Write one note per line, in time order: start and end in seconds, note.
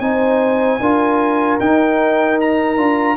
0.00 0.79 C4
0.00 0.79 D#4
0.00 0.81 C5
0.00 1.58 G#5
0.80 1.59 D4
0.80 1.60 F4
0.80 3.17 A#4
1.60 2.77 D#4
1.60 2.39 G5
2.41 3.17 A#5
2.77 3.17 D4
2.77 3.16 F4